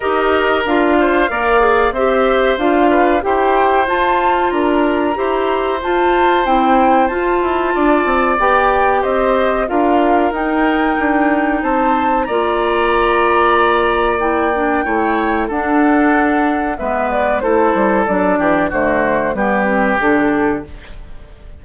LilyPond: <<
  \new Staff \with { instrumentName = "flute" } { \time 4/4 \tempo 4 = 93 dis''4 f''2 e''4 | f''4 g''4 a''4 ais''4~ | ais''4 a''4 g''4 a''4~ | a''4 g''4 dis''4 f''4 |
g''2 a''4 ais''4~ | ais''2 g''2 | fis''2 e''8 d''8 c''4 | d''4 c''4 b'4 a'4 | }
  \new Staff \with { instrumentName = "oboe" } { \time 4/4 ais'4. c''8 d''4 c''4~ | c''8 b'8 c''2 ais'4 | c''1 | d''2 c''4 ais'4~ |
ais'2 c''4 d''4~ | d''2. cis''4 | a'2 b'4 a'4~ | a'8 g'8 fis'4 g'2 | }
  \new Staff \with { instrumentName = "clarinet" } { \time 4/4 g'4 f'4 ais'8 gis'8 g'4 | f'4 g'4 f'2 | g'4 f'4 e'4 f'4~ | f'4 g'2 f'4 |
dis'2. f'4~ | f'2 e'8 d'8 e'4 | d'2 b4 e'4 | d'4 a4 b8 c'8 d'4 | }
  \new Staff \with { instrumentName = "bassoon" } { \time 4/4 dis'4 d'4 ais4 c'4 | d'4 e'4 f'4 d'4 | e'4 f'4 c'4 f'8 e'8 | d'8 c'8 b4 c'4 d'4 |
dis'4 d'4 c'4 ais4~ | ais2. a4 | d'2 gis4 a8 g8 | fis8 e8 d4 g4 d4 | }
>>